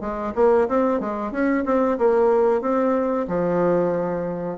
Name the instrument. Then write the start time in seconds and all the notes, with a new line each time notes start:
bassoon
0.00 G#3
0.35 A#3
0.68 C4
1.00 G#3
1.31 C#4
1.65 C4
1.98 A#3
2.61 C4
3.27 F3